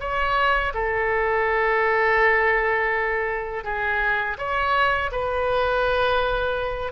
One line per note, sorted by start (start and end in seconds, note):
0.00 0.73 C#5
0.74 3.64 A4
3.64 4.37 G#4
4.38 5.11 C#5
5.12 6.92 B4